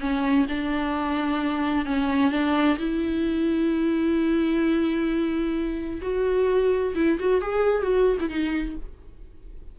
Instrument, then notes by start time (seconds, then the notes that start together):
viola
0.00 C#4
0.48 D4
1.85 C#4
2.31 D4
2.78 E4
6.02 F#4
6.95 E4
7.19 F#4
7.41 G#4
7.82 F#4
8.20 E4
8.29 D#4